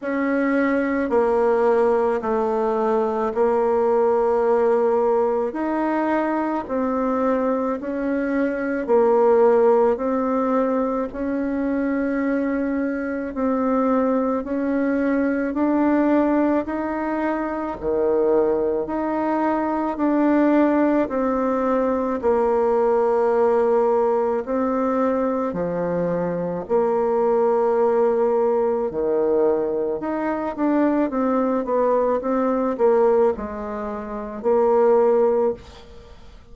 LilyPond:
\new Staff \with { instrumentName = "bassoon" } { \time 4/4 \tempo 4 = 54 cis'4 ais4 a4 ais4~ | ais4 dis'4 c'4 cis'4 | ais4 c'4 cis'2 | c'4 cis'4 d'4 dis'4 |
dis4 dis'4 d'4 c'4 | ais2 c'4 f4 | ais2 dis4 dis'8 d'8 | c'8 b8 c'8 ais8 gis4 ais4 | }